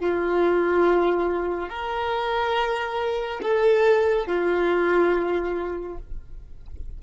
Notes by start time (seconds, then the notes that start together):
0.00 F4
1.69 A#4
3.42 A4
4.26 F4